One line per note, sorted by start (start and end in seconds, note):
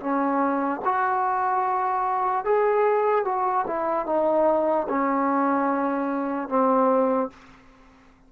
0.00 0.81 C#4
0.85 2.45 F#4
2.45 3.25 G#4
3.25 3.66 F#4
3.67 4.06 E4
4.06 4.87 D#4
4.89 6.49 C#4
6.49 7.30 C4